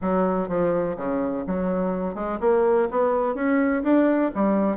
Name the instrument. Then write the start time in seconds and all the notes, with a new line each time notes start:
bassoon
0.01 F#3
0.48 F3
0.96 C#3
1.46 F#3
2.14 G#3
2.40 A#3
2.91 B3
3.34 C#4
3.83 D4
4.34 G3